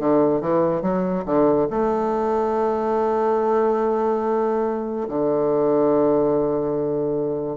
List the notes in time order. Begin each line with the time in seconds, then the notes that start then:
0.00 D3
0.41 E3
0.82 F#3
1.26 D3
1.71 A3
5.09 D3